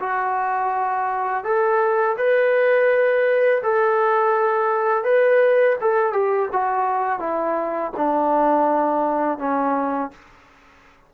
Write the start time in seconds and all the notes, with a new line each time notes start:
0.00 F#4
1.45 A4
2.18 B4
3.63 A4
5.04 B4
5.81 A4
6.13 G4
6.53 F#4
7.20 E4
7.97 D4
9.39 C#4